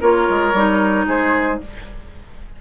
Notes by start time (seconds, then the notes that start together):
0.00 A#3 F4 A#4 C#5
0.29 G#3
0.53 G3 D#4
1.07 G#3 G#4 C5